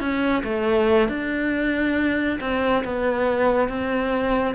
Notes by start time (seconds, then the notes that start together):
0.00 C#4
0.44 A3
1.09 D4
2.40 C4
2.84 B3
3.69 C4